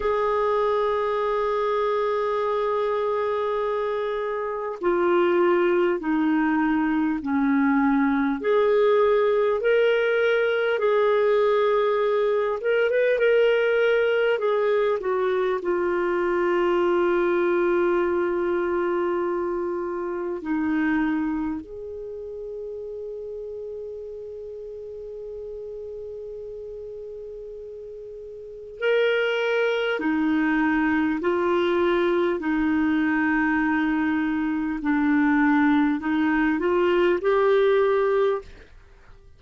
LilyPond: \new Staff \with { instrumentName = "clarinet" } { \time 4/4 \tempo 4 = 50 gis'1 | f'4 dis'4 cis'4 gis'4 | ais'4 gis'4. ais'16 b'16 ais'4 | gis'8 fis'8 f'2.~ |
f'4 dis'4 gis'2~ | gis'1 | ais'4 dis'4 f'4 dis'4~ | dis'4 d'4 dis'8 f'8 g'4 | }